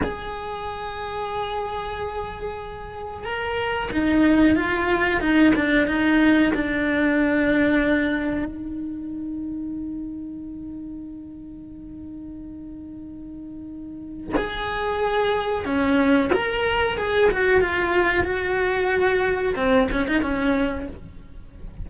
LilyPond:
\new Staff \with { instrumentName = "cello" } { \time 4/4 \tempo 4 = 92 gis'1~ | gis'4 ais'4 dis'4 f'4 | dis'8 d'8 dis'4 d'2~ | d'4 dis'2.~ |
dis'1~ | dis'2 gis'2 | cis'4 ais'4 gis'8 fis'8 f'4 | fis'2 c'8 cis'16 dis'16 cis'4 | }